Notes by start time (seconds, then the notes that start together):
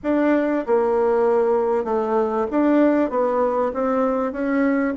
0.03 D4
0.66 A#3
1.84 A3
2.51 D4
3.10 B3
3.73 C4
4.32 C#4